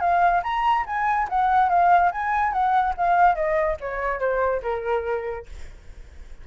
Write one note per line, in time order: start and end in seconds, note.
0.00 0.42 F5
0.43 0.85 A#5
0.86 1.28 G#5
1.29 1.69 F#5
1.69 2.11 F5
2.12 2.52 G#5
2.52 2.94 F#5
2.97 3.35 F5
3.35 3.77 D#5
3.80 4.20 C#5
4.20 4.61 C5
4.62 5.46 A#4